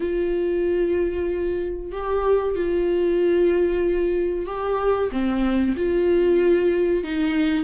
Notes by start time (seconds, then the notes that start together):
0.00 F4
1.92 G4
2.55 F4
4.46 G4
5.12 C4
5.76 F4
7.03 D#4